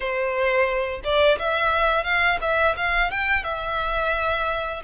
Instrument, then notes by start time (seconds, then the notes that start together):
violin
0.00 C5
1.03 D5
1.38 E5
2.03 F5
2.41 E5
2.76 F5
3.10 G5
3.43 E5